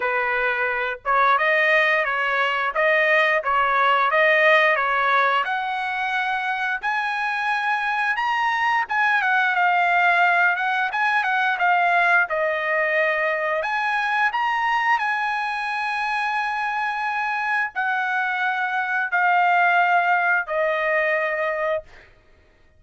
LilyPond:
\new Staff \with { instrumentName = "trumpet" } { \time 4/4 \tempo 4 = 88 b'4. cis''8 dis''4 cis''4 | dis''4 cis''4 dis''4 cis''4 | fis''2 gis''2 | ais''4 gis''8 fis''8 f''4. fis''8 |
gis''8 fis''8 f''4 dis''2 | gis''4 ais''4 gis''2~ | gis''2 fis''2 | f''2 dis''2 | }